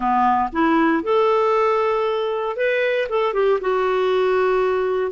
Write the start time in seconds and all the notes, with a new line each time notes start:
0.00 B3
0.52 E4
1.03 A4
2.56 B4
3.09 A4
3.33 G4
3.61 F#4